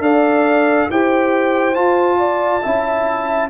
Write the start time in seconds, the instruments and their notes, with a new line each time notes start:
0.00 tuba D4, trombone A4, horn D5, trumpet F5
0.90 tuba E4, trombone G4, horn C5, trumpet G5
1.74 trombone F4, tuba F4, trumpet A5
2.19 horn D5
2.62 tuba C#4, trombone E4, horn E5